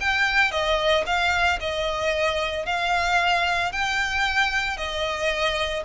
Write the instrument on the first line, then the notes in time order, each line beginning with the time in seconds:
violin
0.00 G5
0.51 D#5
1.06 F5
1.60 D#5
2.65 F5
3.72 G5
4.77 D#5